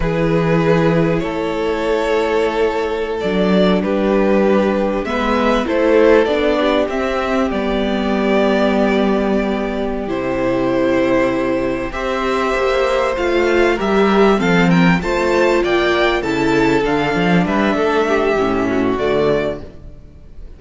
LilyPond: <<
  \new Staff \with { instrumentName = "violin" } { \time 4/4 \tempo 4 = 98 b'2 cis''2~ | cis''4~ cis''16 d''4 b'4.~ b'16~ | b'16 e''4 c''4 d''4 e''8.~ | e''16 d''2.~ d''8.~ |
d''8 c''2. e''8~ | e''4. f''4 e''4 f''8 | g''8 a''4 g''4 a''4 f''8~ | f''8 e''2~ e''8 d''4 | }
  \new Staff \with { instrumentName = "violin" } { \time 4/4 gis'2 a'2~ | a'2~ a'16 g'4.~ g'16~ | g'16 b'4 a'4. g'4~ g'16~ | g'1~ |
g'2.~ g'8 c''8~ | c''2~ c''8 ais'4 a'8 | ais'8 c''4 d''4 a'4.~ | a'8 b'8 a'8 g'4 fis'4. | }
  \new Staff \with { instrumentName = "viola" } { \time 4/4 e'1~ | e'4~ e'16 d'2~ d'8.~ | d'16 b4 e'4 d'4 c'8.~ | c'16 b2.~ b8.~ |
b8 e'2. g'8~ | g'4. f'4 g'4 c'8~ | c'8 f'2 e'4 d'8~ | d'2 cis'4 a4 | }
  \new Staff \with { instrumentName = "cello" } { \time 4/4 e2 a2~ | a4~ a16 fis4 g4.~ g16~ | g16 gis4 a4 b4 c'8.~ | c'16 g2.~ g8.~ |
g8 c2. c'8~ | c'8 ais4 a4 g4 f8~ | f8 a4 ais4 cis4 d8 | f8 g8 a4 a,4 d4 | }
>>